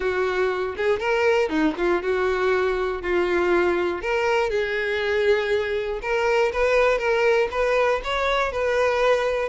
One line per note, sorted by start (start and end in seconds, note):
0.00 0.75 F#4
0.77 0.99 G#4
0.99 1.49 A#4
1.49 1.74 D#4
1.77 2.02 F4
2.02 3.02 F#4
3.02 4.01 F4
4.01 4.50 A#4
4.50 6.00 G#4
6.02 6.52 A#4
6.52 6.98 B4
6.98 7.48 A#4
7.51 8.01 B4
8.04 8.52 C#5
8.52 9.48 B4